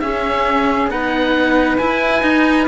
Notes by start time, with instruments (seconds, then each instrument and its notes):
0.00 cello C#4, flute G#4, oboe E5
0.88 cello B3 D#4, flute B4, oboe F#5
1.78 cello E4, oboe G#5
2.22 cello D#4